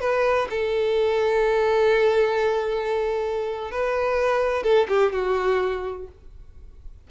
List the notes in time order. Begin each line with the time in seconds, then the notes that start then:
0.00 B4
0.49 A4
3.71 B4
4.63 A4
4.88 G4
5.12 F#4